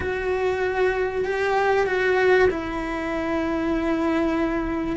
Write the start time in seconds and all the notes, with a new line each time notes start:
0.00 F#4
1.24 G4
1.86 F#4
2.50 E4